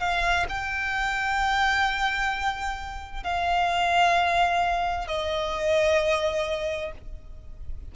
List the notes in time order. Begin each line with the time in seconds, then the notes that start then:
0.00 F5
0.49 G5
3.23 F5
5.07 D#5